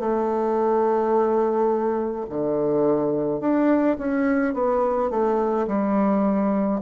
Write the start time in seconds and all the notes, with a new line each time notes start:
0.00 A3
2.30 D3
3.41 D4
3.98 C#4
4.54 B3
5.10 A3
5.68 G3